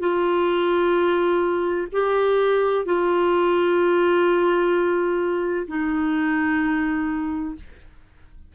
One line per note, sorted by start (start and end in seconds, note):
0.00 1.87 F4
1.92 2.85 G4
2.85 5.66 F4
5.68 7.55 D#4